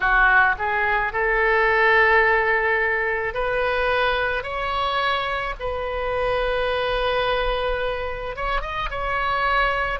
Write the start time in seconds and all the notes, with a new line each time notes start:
0.00 F#4
0.58 G#4
1.13 A4
3.34 B4
4.43 C#5
5.59 B4
8.35 C#5
8.61 D#5
8.90 C#5